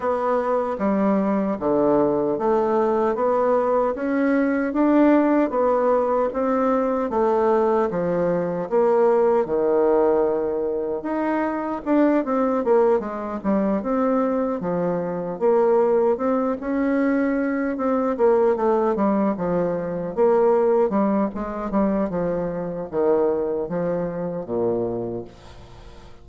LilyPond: \new Staff \with { instrumentName = "bassoon" } { \time 4/4 \tempo 4 = 76 b4 g4 d4 a4 | b4 cis'4 d'4 b4 | c'4 a4 f4 ais4 | dis2 dis'4 d'8 c'8 |
ais8 gis8 g8 c'4 f4 ais8~ | ais8 c'8 cis'4. c'8 ais8 a8 | g8 f4 ais4 g8 gis8 g8 | f4 dis4 f4 ais,4 | }